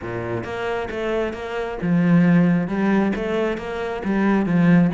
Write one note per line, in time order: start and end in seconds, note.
0.01 0.44 A#2
0.44 0.88 A#3
0.90 1.33 A3
1.33 1.78 A#3
1.82 2.67 F3
2.67 3.12 G3
3.15 3.57 A3
3.57 4.02 A#3
4.04 4.46 G3
4.46 4.90 F3